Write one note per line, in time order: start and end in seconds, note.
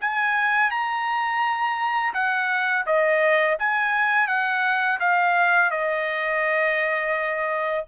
0.00 0.70 G#5
0.70 2.13 A#5
2.14 2.85 F#5
2.86 3.57 D#5
3.58 4.27 G#5
4.27 4.99 F#5
5.00 5.70 F5
5.70 7.85 D#5